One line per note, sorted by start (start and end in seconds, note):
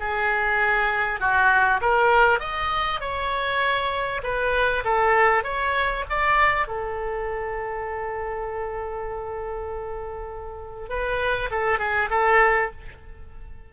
0.00 1.20 G#4
1.20 1.81 F#4
1.81 2.40 A#4
2.40 3.01 D#5
3.01 4.22 C#5
4.23 4.84 B4
4.84 5.44 A4
5.44 6.04 C#5
6.10 6.68 D5
6.68 10.89 A4
10.89 11.50 B4
11.51 11.79 A4
11.79 12.09 G#4
12.10 12.71 A4